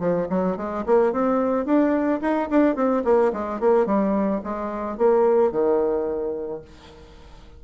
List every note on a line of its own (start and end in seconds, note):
0.00 0.28 F3
0.30 0.57 F#3
0.57 0.85 G#3
0.86 1.13 A#3
1.13 1.66 C4
1.66 2.21 D4
2.22 2.49 D#4
2.50 2.76 D4
2.76 3.04 C4
3.05 3.32 A#3
3.33 3.61 G#3
3.61 3.87 A#3
3.87 4.42 G3
4.44 4.98 G#3
4.98 5.52 A#3
5.52 6.62 D#3